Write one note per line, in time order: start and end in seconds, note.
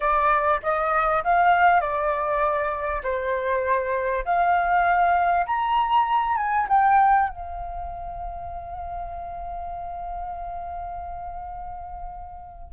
0.00 0.60 D5
0.62 1.23 D#5
1.24 1.80 F5
1.80 3.02 D5
3.03 4.24 C5
4.25 5.46 F5
5.46 6.36 A#5
6.36 6.67 G#5
6.68 7.29 G5
7.29 12.72 F5